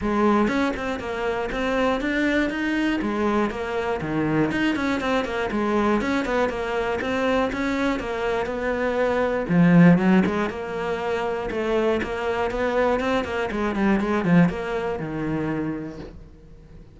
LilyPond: \new Staff \with { instrumentName = "cello" } { \time 4/4 \tempo 4 = 120 gis4 cis'8 c'8 ais4 c'4 | d'4 dis'4 gis4 ais4 | dis4 dis'8 cis'8 c'8 ais8 gis4 | cis'8 b8 ais4 c'4 cis'4 |
ais4 b2 f4 | fis8 gis8 ais2 a4 | ais4 b4 c'8 ais8 gis8 g8 | gis8 f8 ais4 dis2 | }